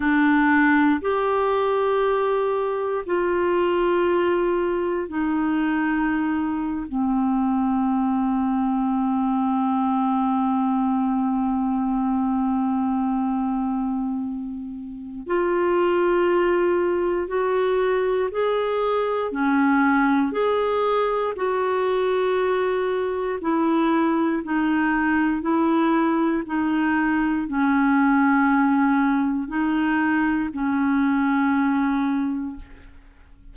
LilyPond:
\new Staff \with { instrumentName = "clarinet" } { \time 4/4 \tempo 4 = 59 d'4 g'2 f'4~ | f'4 dis'4.~ dis'16 c'4~ c'16~ | c'1~ | c'2. f'4~ |
f'4 fis'4 gis'4 cis'4 | gis'4 fis'2 e'4 | dis'4 e'4 dis'4 cis'4~ | cis'4 dis'4 cis'2 | }